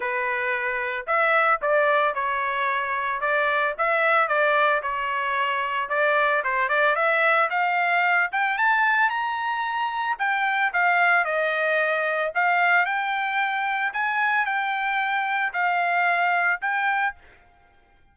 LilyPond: \new Staff \with { instrumentName = "trumpet" } { \time 4/4 \tempo 4 = 112 b'2 e''4 d''4 | cis''2 d''4 e''4 | d''4 cis''2 d''4 | c''8 d''8 e''4 f''4. g''8 |
a''4 ais''2 g''4 | f''4 dis''2 f''4 | g''2 gis''4 g''4~ | g''4 f''2 g''4 | }